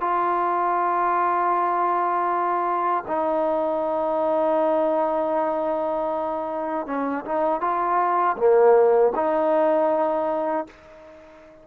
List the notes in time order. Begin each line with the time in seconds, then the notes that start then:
0.00 F4
3.07 D#4
6.86 C#4
7.24 D#4
7.60 F4
8.36 A#3
9.14 D#4